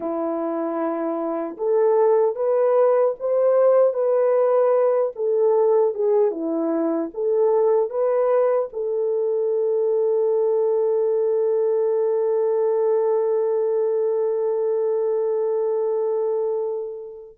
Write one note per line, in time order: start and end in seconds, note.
0.00 1.56 E4
1.57 2.35 A4
2.35 3.14 B4
3.19 3.93 C5
3.93 5.12 B4
5.15 5.94 A4
5.94 6.31 G#4
6.31 7.10 E4
7.14 7.89 A4
7.89 8.68 B4
8.72 17.37 A4